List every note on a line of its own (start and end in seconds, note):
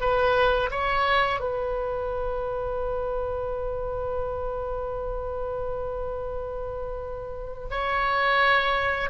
0.00 0.70 B4
0.70 1.40 C#5
1.40 7.68 B4
7.70 9.10 C#5